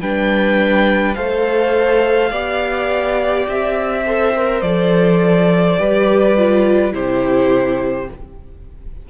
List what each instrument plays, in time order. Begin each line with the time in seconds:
0.00 cello G3, viola D4, violin B4 G5
1.14 cello A3, viola A4, violin C5 F5
2.31 cello B3, viola G4, violin D5
3.48 cello C4, violin E5
4.06 viola A4, violin C5
4.36 viola A#4
4.61 cello F3, viola A4, violin D5
5.78 cello G3, viola G4, violin B4
6.36 viola F4
6.92 cello C3, viola E4, violin G4 C5